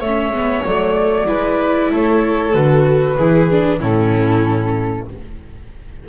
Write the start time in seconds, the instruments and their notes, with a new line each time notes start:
0.00 double bass A3, viola C#4, violin C#5, flute E5
0.30 double bass G#3, viola B3
0.65 double bass F#3, viola A3, flute D5
1.26 double bass G#3, viola E4, violin B4
1.91 double bass A3, violin A4, flute C#5
2.53 double bass D3, viola F#4, flute B4
3.17 double bass E3, viola E4, violin G#4
3.50 viola D4
3.79 double bass A2, viola C#4, violin E4, flute A4